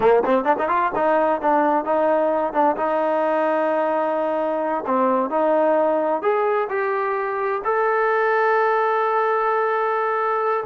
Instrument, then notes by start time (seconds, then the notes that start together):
trombone
0.00 A#3
0.25 C4
0.44 D4
0.58 D#4
0.68 F4
0.95 D#4
1.41 D4
1.84 D#4
2.53 D4
2.76 D#4
4.86 C4
5.30 D#4
6.22 G#4
6.69 G4
7.64 A4